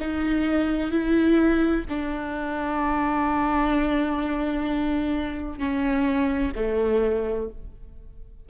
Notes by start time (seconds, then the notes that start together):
0.00 D#4
0.91 E4
1.89 D4
5.59 C#4
6.55 A3